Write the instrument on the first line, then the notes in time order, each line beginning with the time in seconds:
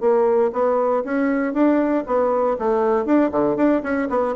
bassoon
0.00 A#3
0.52 B3
1.04 C#4
1.53 D4
2.06 B3
2.59 A3
3.05 D4
3.31 D3
3.56 D4
3.83 C#4
4.09 B3